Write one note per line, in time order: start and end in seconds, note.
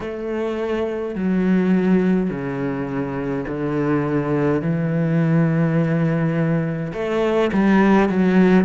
0.00 1.15 A3
1.15 2.30 F#3
2.30 3.45 C#3
3.47 4.62 D3
4.62 6.92 E3
6.93 7.51 A3
7.53 8.09 G3
8.09 8.64 F#3